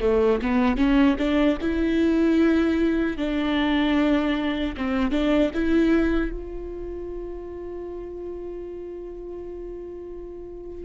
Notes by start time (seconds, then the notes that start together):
0.00 A3
0.42 B3
0.77 C#4
1.18 D4
1.61 E4
3.17 D4
4.77 C4
5.11 D4
5.54 E4
6.31 F4